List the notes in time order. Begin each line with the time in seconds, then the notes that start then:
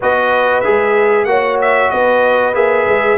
0.00 B3 F#4 B4 D#5
0.60 G#3 G#4 E5
1.24 A#3 F#4 C#5 F#5
1.61 E5
1.90 B3 B4 D#5
2.54 A#3 G#4 E5
2.86 G#3